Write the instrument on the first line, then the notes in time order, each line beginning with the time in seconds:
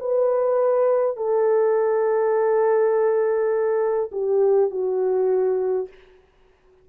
horn
0.00 B4
1.17 A4
4.12 G4
4.71 F#4